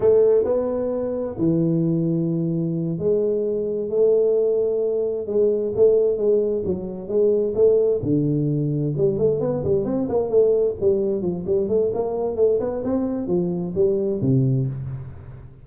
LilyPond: \new Staff \with { instrumentName = "tuba" } { \time 4/4 \tempo 4 = 131 a4 b2 e4~ | e2~ e8 gis4.~ | gis8 a2. gis8~ | gis8 a4 gis4 fis4 gis8~ |
gis8 a4 d2 g8 | a8 b8 g8 c'8 ais8 a4 g8~ | g8 f8 g8 a8 ais4 a8 b8 | c'4 f4 g4 c4 | }